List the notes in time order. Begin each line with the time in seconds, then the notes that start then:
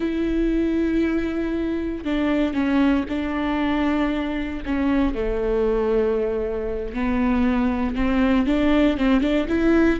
0.00 E4
2.04 D4
2.53 C#4
3.08 D4
4.65 C#4
5.14 A3
6.93 B3
7.95 C4
8.46 D4
8.97 C4
9.21 D4
9.48 E4